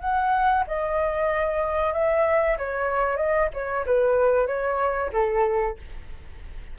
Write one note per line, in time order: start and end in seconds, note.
0.00 0.64 F#5
0.67 1.93 D#5
1.93 2.57 E5
2.58 3.17 C#5
3.17 3.49 D#5
3.53 3.85 C#5
3.86 4.47 B4
4.47 5.10 C#5
5.13 5.76 A4